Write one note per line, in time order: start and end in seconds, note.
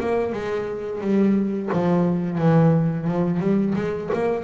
0.00 0.32 A#3
0.32 1.01 G#3
1.01 1.70 G3
1.72 2.38 F3
2.38 3.07 E3
3.07 3.39 F3
3.39 3.74 G3
3.75 4.10 G#3
4.13 4.44 A#3